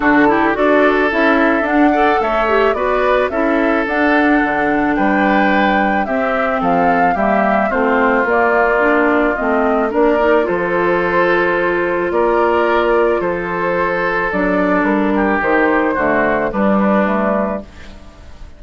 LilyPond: <<
  \new Staff \with { instrumentName = "flute" } { \time 4/4 \tempo 4 = 109 a'4 d''4 e''4 fis''4 | e''4 d''4 e''4 fis''4~ | fis''4 g''2 e''4 | f''4 e''4 c''4 d''4~ |
d''4 dis''4 d''4 c''4~ | c''2 d''2 | c''2 d''4 ais'4 | c''2 b'2 | }
  \new Staff \with { instrumentName = "oboe" } { \time 4/4 fis'8 g'8 a'2~ a'8 d''8 | cis''4 b'4 a'2~ | a'4 b'2 g'4 | a'4 g'4 f'2~ |
f'2 ais'4 a'4~ | a'2 ais'2 | a'2.~ a'8 g'8~ | g'4 fis'4 d'2 | }
  \new Staff \with { instrumentName = "clarinet" } { \time 4/4 d'8 e'8 fis'4 e'4 d'8 a'8~ | a'8 g'8 fis'4 e'4 d'4~ | d'2. c'4~ | c'4 ais4 c'4 ais4 |
d'4 c'4 d'8 dis'8 f'4~ | f'1~ | f'2 d'2 | dis'4 a4 g4 a4 | }
  \new Staff \with { instrumentName = "bassoon" } { \time 4/4 d4 d'4 cis'4 d'4 | a4 b4 cis'4 d'4 | d4 g2 c'4 | f4 g4 a4 ais4~ |
ais4 a4 ais4 f4~ | f2 ais2 | f2 fis4 g4 | dis4 d4 g2 | }
>>